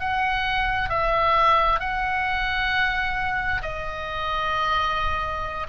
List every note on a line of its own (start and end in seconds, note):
0.00 0.90 F#5
0.90 1.80 E5
1.80 3.62 F#5
3.62 5.67 D#5